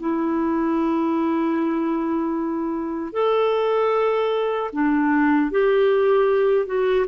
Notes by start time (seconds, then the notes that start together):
0.00 E4
3.13 A4
4.73 D4
5.51 G4
6.66 F#4